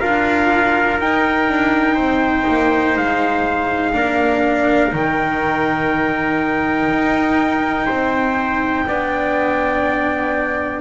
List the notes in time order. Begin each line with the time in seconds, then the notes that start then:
0.00 D4 F4 A#4 F5
0.99 D#4 G5
1.48 D4
1.94 C4 C5
2.48 A#3
2.97 G#3 F5
3.93 A#3 D4 A#4
4.91 D#3 D#4 G5
6.89 D#4
7.85 C4 C5
8.87 B3 D4 D5